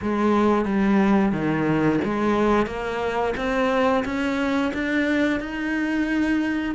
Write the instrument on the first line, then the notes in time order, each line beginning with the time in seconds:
cello
0.02 G#3
0.65 G3
1.32 D#3
2.04 G#3
2.66 A#3
3.36 C4
4.04 C#4
4.73 D4
5.40 D#4